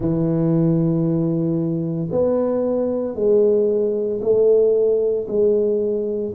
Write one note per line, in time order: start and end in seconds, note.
0.00 2.09 E3
2.11 3.15 B3
3.15 4.20 G#3
4.21 5.26 A3
5.27 6.33 G#3